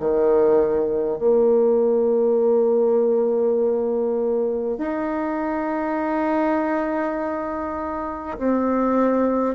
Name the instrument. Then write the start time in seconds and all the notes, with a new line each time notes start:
bassoon
0.00 D#3
1.18 A#3
4.78 D#4
8.38 C4